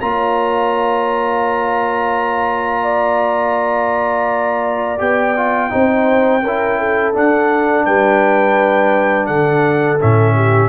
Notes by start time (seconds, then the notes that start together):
0.00 A#3 F4 C#5 A#5
2.83 D5
4.98 B3 G4 G5
5.36 F4
5.70 C4 D#4 C5
6.42 C#4 E4 A#4
6.79 A4
7.13 D4 F#5
7.85 G3 B4 G5
9.26 D3 A4 F#5
10.00 A2 C#4 E5
10.34 G4